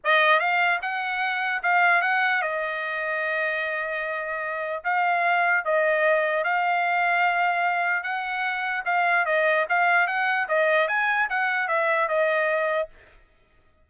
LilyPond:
\new Staff \with { instrumentName = "trumpet" } { \time 4/4 \tempo 4 = 149 dis''4 f''4 fis''2 | f''4 fis''4 dis''2~ | dis''1 | f''2 dis''2 |
f''1 | fis''2 f''4 dis''4 | f''4 fis''4 dis''4 gis''4 | fis''4 e''4 dis''2 | }